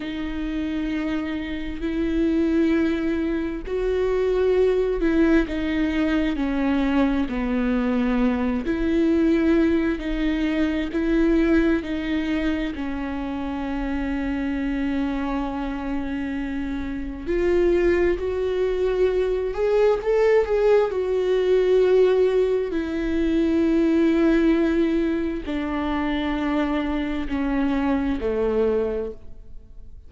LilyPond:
\new Staff \with { instrumentName = "viola" } { \time 4/4 \tempo 4 = 66 dis'2 e'2 | fis'4. e'8 dis'4 cis'4 | b4. e'4. dis'4 | e'4 dis'4 cis'2~ |
cis'2. f'4 | fis'4. gis'8 a'8 gis'8 fis'4~ | fis'4 e'2. | d'2 cis'4 a4 | }